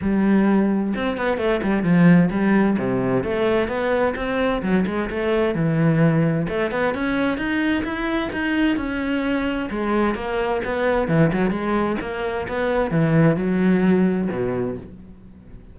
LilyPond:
\new Staff \with { instrumentName = "cello" } { \time 4/4 \tempo 4 = 130 g2 c'8 b8 a8 g8 | f4 g4 c4 a4 | b4 c'4 fis8 gis8 a4 | e2 a8 b8 cis'4 |
dis'4 e'4 dis'4 cis'4~ | cis'4 gis4 ais4 b4 | e8 fis8 gis4 ais4 b4 | e4 fis2 b,4 | }